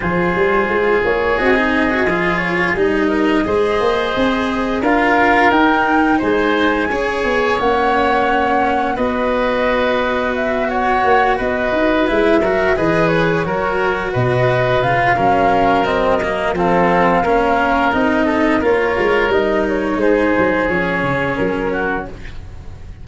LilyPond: <<
  \new Staff \with { instrumentName = "flute" } { \time 4/4 \tempo 4 = 87 c''4. cis''8 dis''4. cis''8 | dis''2. f''4 | g''4 gis''2 fis''4~ | fis''4 dis''2 e''8 fis''8~ |
fis''8 dis''4 e''4 dis''8 cis''4~ | cis''8 dis''4 f''4. dis''4 | f''2 dis''4 cis''4 | dis''8 cis''8 c''4 cis''4 ais'4 | }
  \new Staff \with { instrumentName = "oboe" } { \time 4/4 gis'1~ | gis'8 ais'8 c''2 ais'4~ | ais'4 c''4 cis''2~ | cis''4 b'2~ b'8 cis''8~ |
cis''8 b'4. ais'8 b'4 ais'8~ | ais'8 b'4. ais'2 | a'4 ais'4. a'8 ais'4~ | ais'4 gis'2~ gis'8 fis'8 | }
  \new Staff \with { instrumentName = "cello" } { \time 4/4 f'2 fis'16 dis'8 fis'16 f'4 | dis'4 gis'2 f'4 | dis'2 gis'4 cis'4~ | cis'4 fis'2.~ |
fis'4. e'8 fis'8 gis'4 fis'8~ | fis'4. f'8 cis'4 c'8 ais8 | c'4 cis'4 dis'4 f'4 | dis'2 cis'2 | }
  \new Staff \with { instrumentName = "tuba" } { \time 4/4 f8 g8 gis8 ais8 c'4 f4 | g4 gis8 ais8 c'4 d'4 | dis'4 gis4 cis'8 b8 ais4~ | ais4 b2. |
ais8 b8 dis'8 gis8 fis8 e4 fis8~ | fis8 b,4 cis8 fis2 | f4 ais4 c'4 ais8 gis8 | g4 gis8 fis8 f8 cis8 fis4 | }
>>